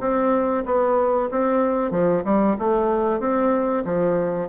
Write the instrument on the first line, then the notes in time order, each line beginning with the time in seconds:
bassoon
0.00 C4
0.65 B3
1.31 C4
1.91 F3
2.24 G3
2.58 A3
3.19 C4
3.84 F3